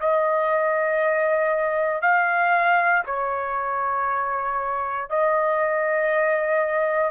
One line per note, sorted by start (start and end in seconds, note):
0.00 2.02 D#5
2.02 3.04 F5
3.06 5.10 C#5
5.10 7.11 D#5